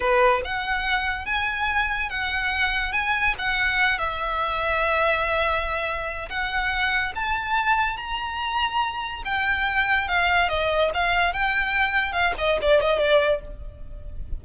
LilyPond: \new Staff \with { instrumentName = "violin" } { \time 4/4 \tempo 4 = 143 b'4 fis''2 gis''4~ | gis''4 fis''2 gis''4 | fis''4. e''2~ e''8~ | e''2. fis''4~ |
fis''4 a''2 ais''4~ | ais''2 g''2 | f''4 dis''4 f''4 g''4~ | g''4 f''8 dis''8 d''8 dis''8 d''4 | }